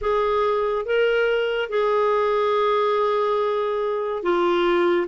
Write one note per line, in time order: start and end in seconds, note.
0.01 0.85 G#4
0.85 1.69 A#4
1.69 4.23 G#4
4.23 5.07 F4